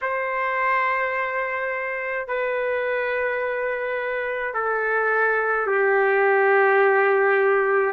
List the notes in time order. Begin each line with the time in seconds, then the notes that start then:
0.01 C5
2.27 B4
4.53 A4
5.66 G4